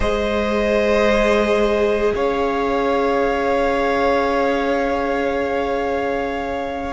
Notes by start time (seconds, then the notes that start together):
0.00 G#3 G#4 C5 D#5
2.15 C#4 C#5 F5